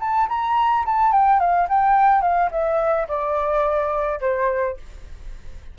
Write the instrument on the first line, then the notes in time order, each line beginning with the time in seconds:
flute
0.00 A5
0.29 A#5
0.86 A5
1.12 G5
1.39 F5
1.69 G5
2.21 F5
2.51 E5
3.08 D5
4.21 C5